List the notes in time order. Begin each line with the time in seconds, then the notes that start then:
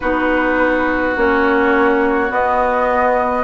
0.00 B3 D#4 F#4 B4
1.16 A#3 C#4 C#5
2.28 B3 D#5